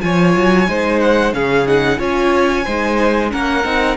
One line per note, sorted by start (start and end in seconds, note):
0.00 0.36 F3
0.00 0.66 F4
0.00 0.69 C#5
0.00 0.99 G#5
0.36 0.67 F#3
0.67 1.33 G#3
0.67 1.33 D#4
0.67 1.35 C5
1.00 1.33 F#5
1.33 1.98 C#3
1.33 1.66 C#4
1.33 1.98 G#4
1.33 1.66 F5
1.66 1.98 D#4
1.66 1.99 F#5
1.98 2.65 C#4
1.98 2.64 F4
1.98 2.64 C#5
1.98 3.31 G#5
2.64 3.32 G#3
2.64 3.30 D#4
2.64 3.30 C5
3.30 3.64 A#3
3.30 3.63 C#4
3.30 3.96 A#4
3.30 3.96 F#5
3.64 3.96 C4
3.64 3.96 D#4